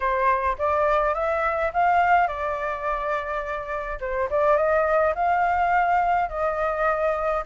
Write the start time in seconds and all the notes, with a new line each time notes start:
0.00 C5
0.58 D5
1.14 E5
1.73 F5
2.27 D5
4.00 C5
4.30 D5
4.56 D#5
5.14 F5
6.29 D#5